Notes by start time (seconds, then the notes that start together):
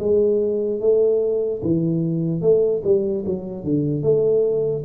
0.00 G#3
0.81 A3
1.63 E3
2.42 A3
2.84 G3
3.27 F#3
3.64 D3
4.03 A3